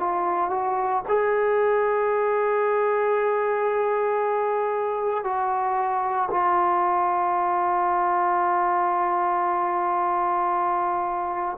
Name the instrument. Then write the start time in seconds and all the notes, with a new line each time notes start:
trombone
0.00 F4
0.50 F#4
1.08 G#4
5.24 F#4
6.31 F4